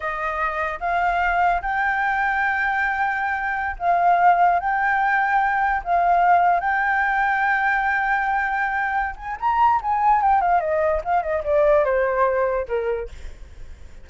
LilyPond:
\new Staff \with { instrumentName = "flute" } { \time 4/4 \tempo 4 = 147 dis''2 f''2 | g''1~ | g''4~ g''16 f''2 g''8.~ | g''2~ g''16 f''4.~ f''16~ |
f''16 g''2.~ g''8.~ | g''2~ g''8 gis''8 ais''4 | gis''4 g''8 f''8 dis''4 f''8 dis''8 | d''4 c''2 ais'4 | }